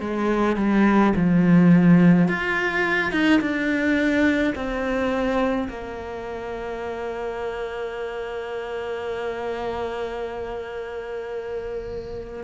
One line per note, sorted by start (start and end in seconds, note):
0.00 0.56 G#3
0.56 1.13 G3
1.16 2.28 F3
2.28 3.12 F4
3.12 3.40 D#4
3.41 4.54 D4
4.55 5.68 C4
5.69 12.44 A#3